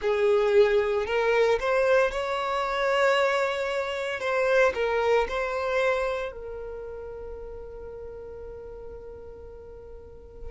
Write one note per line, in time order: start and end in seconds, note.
0.01 1.06 G#4
1.06 1.58 A#4
1.59 2.11 C5
2.11 4.20 C#5
4.20 4.72 C5
4.74 5.27 A#4
5.28 6.32 C5
6.32 10.51 A#4